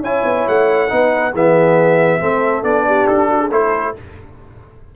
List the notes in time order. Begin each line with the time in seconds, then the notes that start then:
0.00 C#4 E4 C#5 G#5
0.25 B3
0.48 A3 F#5
0.89 B3 D#4 B4
1.32 E3 B3 G#4 E5
2.20 A3 C4 A4
2.63 B3 D4 D5
2.87 G4
3.07 D4 A4
3.29 F#4
3.39 G#4
3.50 A3 E4 A4 C5